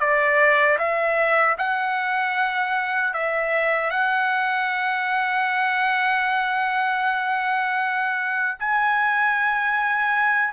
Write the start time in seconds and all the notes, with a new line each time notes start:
0.00 D5
0.79 E5
1.58 F#5
3.14 E5
3.91 F#5
8.60 G#5